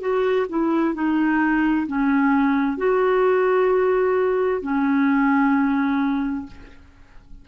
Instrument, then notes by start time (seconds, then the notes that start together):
clarinet
0.00 F#4
0.49 E4
0.94 D#4
1.87 C#4
2.77 F#4
4.62 C#4